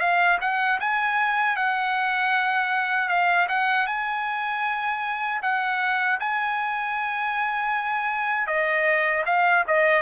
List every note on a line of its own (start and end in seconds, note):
0.00 0.38 F5
0.41 0.80 F#5
0.80 1.56 G#5
1.56 3.09 F#5
3.09 3.47 F5
3.49 3.87 F#5
3.87 5.41 G#5
5.43 6.20 F#5
6.20 8.47 G#5
8.47 9.24 D#5
9.26 9.64 F5
9.67 10.02 D#5